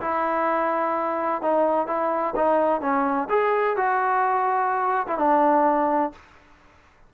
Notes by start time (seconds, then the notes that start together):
0.00 E4
1.42 D#4
1.87 E4
2.35 D#4
2.81 C#4
3.29 G#4
3.76 F#4
5.07 E4
5.18 D4